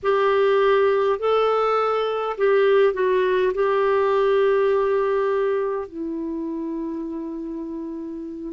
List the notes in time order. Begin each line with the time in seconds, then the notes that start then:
0.02 G4
1.19 A4
2.37 G4
2.94 F#4
3.53 G4
5.88 E4